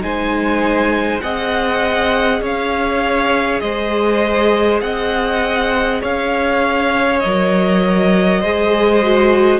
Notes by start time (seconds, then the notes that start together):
0.00 G#3 D#4 C5 G#5
1.21 C4 G#4 D#5 F#5
2.41 C#4 C#5 F5
3.60 G#3 C5 D#5
4.80 C4 D#5 F#5
6.02 C#4 C#5 F5
7.19 F#3 A#4 D#5
8.40 G#3 G#4 C5
9.02 F#4